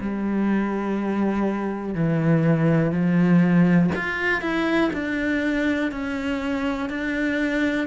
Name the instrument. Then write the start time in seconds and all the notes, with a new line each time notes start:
cello
0.00 G3
1.94 E3
2.92 F3
3.95 F4
4.41 E4
4.93 D4
5.91 C#4
6.89 D4